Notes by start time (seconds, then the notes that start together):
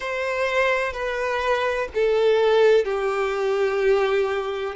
0.00 C5
0.93 B4
1.94 A4
2.84 G4